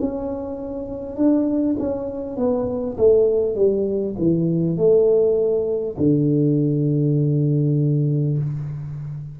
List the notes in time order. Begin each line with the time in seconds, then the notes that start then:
0.00 C#4
1.16 D4
1.79 C#4
2.36 B3
2.97 A3
3.55 G3
4.18 E3
4.77 A3
5.98 D3